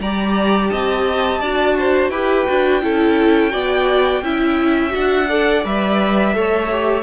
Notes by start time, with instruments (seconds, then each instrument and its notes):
0.00 cello G3, viola G4, violin D5 A#5
0.70 cello C4, violin D#5 A5
1.40 cello D4, viola F#4, violin D5
1.79 violin C5
2.10 cello E4, viola G4, violin B4 G5
2.47 cello D4, viola F#4
2.82 cello C#4, viola E4, violin A4
3.51 cello B3, viola F#4, violin D5
4.22 cello C#4, viola E4, violin E5
4.89 viola F#4, violin F#5
4.96 cello D4
5.29 viola A4, violin D5
5.64 cello G3, viola B4, violin E5
6.34 cello A3, viola A4, violin C#5
6.72 viola G4